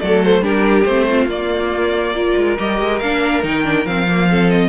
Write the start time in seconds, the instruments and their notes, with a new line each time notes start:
0.00 cello F#3, viola A3, violin A4 D5
0.24 violin C5
0.41 cello G3, viola D4, violin G4 A#4
0.84 cello A3, viola C4, violin C5
1.10 violin F4
1.27 cello A#3, viola A#3, violin D5
2.15 viola F4, violin A#4
2.37 cello G#3
2.58 cello G3, viola G4, violin D#5
2.80 cello G#3
2.99 cello A#3, viola D4, violin F5
3.43 cello D#3, viola D#4, violin G5
3.64 viola D4
3.86 cello F3, viola C4, violin F5
4.08 viola A#3
4.30 viola C4, violin A4
4.50 violin D#5